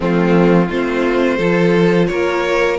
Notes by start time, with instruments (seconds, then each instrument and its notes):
0.00 cello F3, viola A3, violin C4 F4
0.68 cello A3, viola C4, violin F4 C5
1.37 cello F3, viola F4, violin A4
2.07 cello A#3, violin A#4 C#5